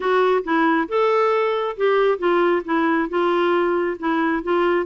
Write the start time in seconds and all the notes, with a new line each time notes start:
0.00 F#4
0.44 E4
0.88 A4
1.76 G4
2.18 F4
2.65 E4
3.09 F4
3.99 E4
4.43 F4